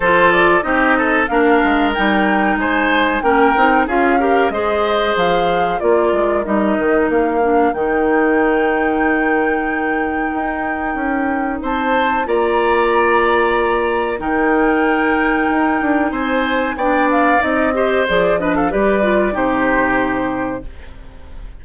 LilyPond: <<
  \new Staff \with { instrumentName = "flute" } { \time 4/4 \tempo 4 = 93 c''8 d''8 dis''4 f''4 g''4 | gis''4 g''4 f''4 dis''4 | f''4 d''4 dis''4 f''4 | g''1~ |
g''2 a''4 ais''4~ | ais''2 g''2~ | g''4 gis''4 g''8 f''8 dis''4 | d''8 dis''16 f''16 d''4 c''2 | }
  \new Staff \with { instrumentName = "oboe" } { \time 4/4 a'4 g'8 a'8 ais'2 | c''4 ais'4 gis'8 ais'8 c''4~ | c''4 ais'2.~ | ais'1~ |
ais'2 c''4 d''4~ | d''2 ais'2~ | ais'4 c''4 d''4. c''8~ | c''8 b'16 a'16 b'4 g'2 | }
  \new Staff \with { instrumentName = "clarinet" } { \time 4/4 f'4 dis'4 d'4 dis'4~ | dis'4 cis'8 dis'8 f'8 g'8 gis'4~ | gis'4 f'4 dis'4. d'8 | dis'1~ |
dis'2. f'4~ | f'2 dis'2~ | dis'2 d'4 dis'8 g'8 | gis'8 d'8 g'8 f'8 dis'2 | }
  \new Staff \with { instrumentName = "bassoon" } { \time 4/4 f4 c'4 ais8 gis8 g4 | gis4 ais8 c'8 cis'4 gis4 | f4 ais8 gis8 g8 dis8 ais4 | dis1 |
dis'4 cis'4 c'4 ais4~ | ais2 dis2 | dis'8 d'8 c'4 b4 c'4 | f4 g4 c2 | }
>>